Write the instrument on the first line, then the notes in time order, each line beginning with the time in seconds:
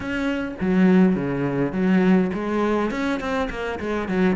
cello
0.00 C#4
0.60 F#3
1.15 C#3
1.72 F#3
2.33 G#3
2.90 C#4
3.19 C4
3.50 A#3
3.79 G#3
4.08 F#3